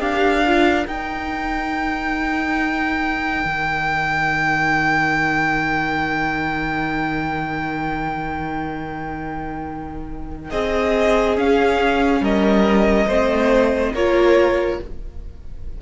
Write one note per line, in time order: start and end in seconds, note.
0.00 0.86 D4
0.00 0.43 G4
0.00 10.50 A#4
0.00 0.86 F5
0.46 0.86 F4
0.86 11.36 D#4
0.86 3.44 D#4
0.86 10.50 G5
3.44 10.51 D#3
10.50 11.37 C4
10.50 12.21 G#4
10.50 11.36 D#5
11.36 13.07 C#4
11.36 12.20 C#4
11.36 12.23 F5
12.20 13.06 G3
12.20 13.07 A#4
12.20 13.94 D#5
13.07 13.93 A3
13.07 13.95 C4
13.07 13.92 C5
13.93 14.79 A#3
13.93 14.82 F4
13.93 14.79 A#4
13.93 14.80 C#5